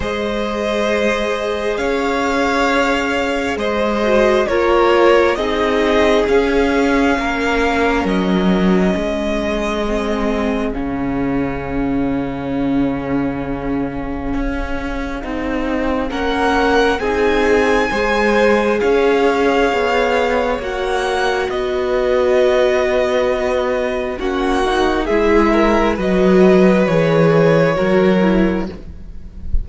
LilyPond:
<<
  \new Staff \with { instrumentName = "violin" } { \time 4/4 \tempo 4 = 67 dis''2 f''2 | dis''4 cis''4 dis''4 f''4~ | f''4 dis''2. | f''1~ |
f''2 fis''4 gis''4~ | gis''4 f''2 fis''4 | dis''2. fis''4 | e''4 dis''4 cis''2 | }
  \new Staff \with { instrumentName = "violin" } { \time 4/4 c''2 cis''2 | c''4 ais'4 gis'2 | ais'2 gis'2~ | gis'1~ |
gis'2 ais'4 gis'4 | c''4 cis''2. | b'2. fis'4 | gis'8 ais'8 b'2 ais'4 | }
  \new Staff \with { instrumentName = "viola" } { \time 4/4 gis'1~ | gis'8 fis'8 f'4 dis'4 cis'4~ | cis'2. c'4 | cis'1~ |
cis'4 dis'4 cis'4 dis'4 | gis'2. fis'4~ | fis'2. cis'8 dis'8 | e'4 fis'4 gis'4 fis'8 e'8 | }
  \new Staff \with { instrumentName = "cello" } { \time 4/4 gis2 cis'2 | gis4 ais4 c'4 cis'4 | ais4 fis4 gis2 | cis1 |
cis'4 c'4 ais4 c'4 | gis4 cis'4 b4 ais4 | b2. ais4 | gis4 fis4 e4 fis4 | }
>>